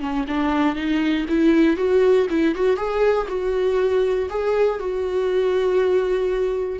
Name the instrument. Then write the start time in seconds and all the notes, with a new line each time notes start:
viola
0.00 C#4
0.28 D4
0.76 D#4
1.29 E4
1.77 F#4
2.30 E4
2.55 F#4
2.77 G#4
3.28 F#4
4.30 G#4
4.80 F#4